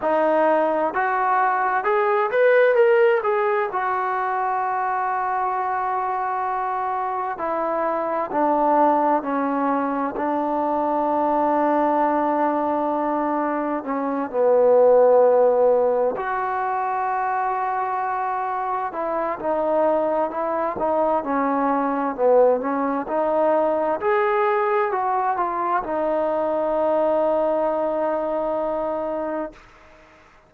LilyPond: \new Staff \with { instrumentName = "trombone" } { \time 4/4 \tempo 4 = 65 dis'4 fis'4 gis'8 b'8 ais'8 gis'8 | fis'1 | e'4 d'4 cis'4 d'4~ | d'2. cis'8 b8~ |
b4. fis'2~ fis'8~ | fis'8 e'8 dis'4 e'8 dis'8 cis'4 | b8 cis'8 dis'4 gis'4 fis'8 f'8 | dis'1 | }